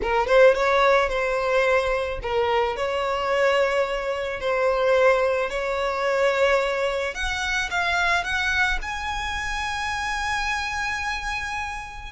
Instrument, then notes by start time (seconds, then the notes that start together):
violin
0.02 A#4
0.27 C5
0.54 C#5
1.09 C5
2.22 A#4
2.76 C#5
4.40 C5
5.50 C#5
7.14 F#5
7.70 F5
8.23 F#5
8.82 G#5